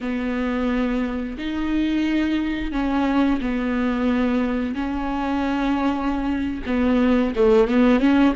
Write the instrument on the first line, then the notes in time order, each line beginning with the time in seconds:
viola
0.01 B3
1.38 D#4
2.71 C#4
3.41 B3
4.74 C#4
6.65 B3
7.35 A3
7.67 B3
7.99 C#4